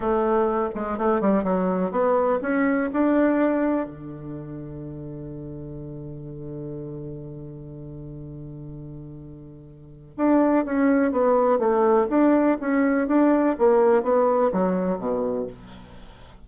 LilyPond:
\new Staff \with { instrumentName = "bassoon" } { \time 4/4 \tempo 4 = 124 a4. gis8 a8 g8 fis4 | b4 cis'4 d'2 | d1~ | d1~ |
d1~ | d4 d'4 cis'4 b4 | a4 d'4 cis'4 d'4 | ais4 b4 fis4 b,4 | }